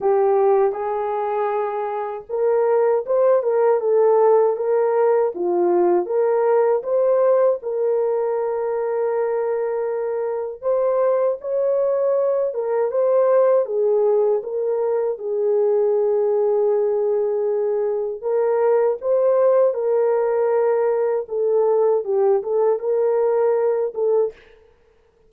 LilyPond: \new Staff \with { instrumentName = "horn" } { \time 4/4 \tempo 4 = 79 g'4 gis'2 ais'4 | c''8 ais'8 a'4 ais'4 f'4 | ais'4 c''4 ais'2~ | ais'2 c''4 cis''4~ |
cis''8 ais'8 c''4 gis'4 ais'4 | gis'1 | ais'4 c''4 ais'2 | a'4 g'8 a'8 ais'4. a'8 | }